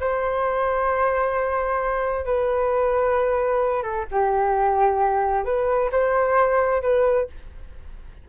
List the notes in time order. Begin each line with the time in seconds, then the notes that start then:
0.00 C5
2.25 B4
3.83 A4
4.11 G4
5.45 B4
5.92 C5
6.82 B4